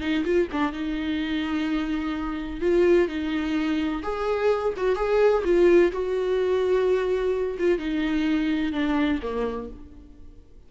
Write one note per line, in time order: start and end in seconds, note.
0.00 0.24 D#4
0.24 0.48 F4
0.52 0.72 D4
0.72 2.60 D#4
2.60 3.08 F4
3.08 4.02 D#4
4.03 4.74 G#4
4.77 4.96 F#4
4.96 5.43 G#4
5.44 5.92 F4
5.92 7.57 F#4
7.58 7.78 F4
7.78 8.72 D#4
8.72 9.20 D4
9.22 9.69 A#3